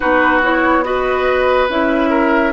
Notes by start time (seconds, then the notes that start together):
0.00 B3 D#4 F#4 B4
0.42 E4 C#5
0.83 F#4 B4 D#5
1.69 C#4 E4 E5
2.10 A#4